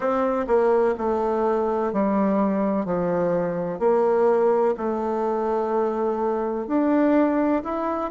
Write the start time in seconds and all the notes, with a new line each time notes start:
0.00 C4
0.47 A#3
0.97 A3
1.92 G3
2.85 F3
3.79 A#3
4.77 A3
6.67 D4
7.64 E4